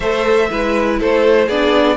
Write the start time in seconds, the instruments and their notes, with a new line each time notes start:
0.00 cello A3, viola A4, violin C5 E5
0.50 cello G#3, viola E4, violin B4
0.99 cello A3, violin A4 C5
1.46 cello B3, viola D4, violin G#4 D5